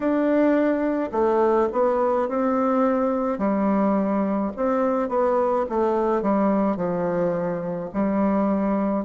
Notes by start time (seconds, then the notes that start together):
0.00 D4
1.12 A3
1.72 B3
2.28 C4
3.38 G3
4.56 C4
5.08 B3
5.69 A3
6.22 G3
6.76 F3
7.93 G3